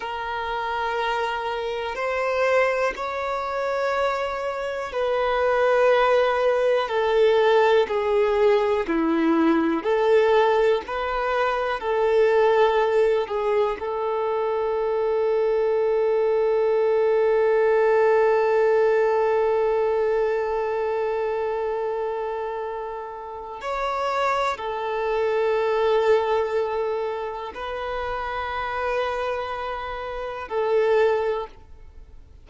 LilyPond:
\new Staff \with { instrumentName = "violin" } { \time 4/4 \tempo 4 = 61 ais'2 c''4 cis''4~ | cis''4 b'2 a'4 | gis'4 e'4 a'4 b'4 | a'4. gis'8 a'2~ |
a'1~ | a'1 | cis''4 a'2. | b'2. a'4 | }